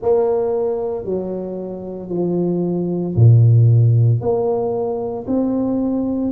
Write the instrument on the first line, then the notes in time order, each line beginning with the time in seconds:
tuba
0.01 A#3
1.04 F#3
2.09 F3
3.15 A#2
4.21 A#3
5.27 C4